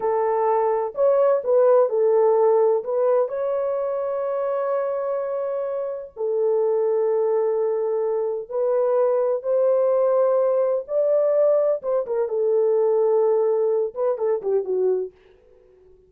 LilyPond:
\new Staff \with { instrumentName = "horn" } { \time 4/4 \tempo 4 = 127 a'2 cis''4 b'4 | a'2 b'4 cis''4~ | cis''1~ | cis''4 a'2.~ |
a'2 b'2 | c''2. d''4~ | d''4 c''8 ais'8 a'2~ | a'4. b'8 a'8 g'8 fis'4 | }